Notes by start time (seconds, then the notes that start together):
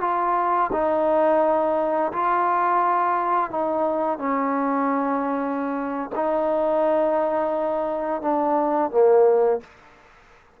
0.00 F4
0.72 D#4
2.12 F4
3.50 D#4
4.18 C#4
6.15 D#4
8.21 D4
8.90 A#3